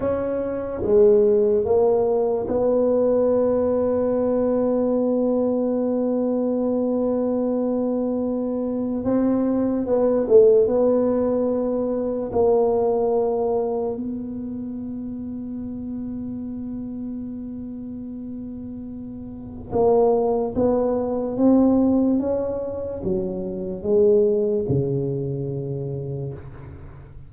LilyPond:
\new Staff \with { instrumentName = "tuba" } { \time 4/4 \tempo 4 = 73 cis'4 gis4 ais4 b4~ | b1~ | b2. c'4 | b8 a8 b2 ais4~ |
ais4 b2.~ | b1 | ais4 b4 c'4 cis'4 | fis4 gis4 cis2 | }